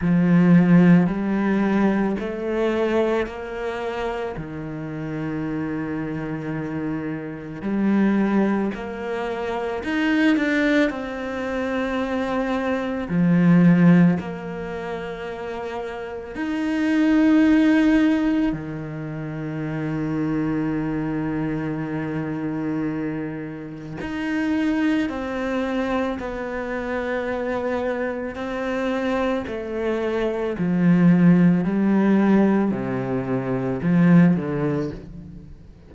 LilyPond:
\new Staff \with { instrumentName = "cello" } { \time 4/4 \tempo 4 = 55 f4 g4 a4 ais4 | dis2. g4 | ais4 dis'8 d'8 c'2 | f4 ais2 dis'4~ |
dis'4 dis2.~ | dis2 dis'4 c'4 | b2 c'4 a4 | f4 g4 c4 f8 d8 | }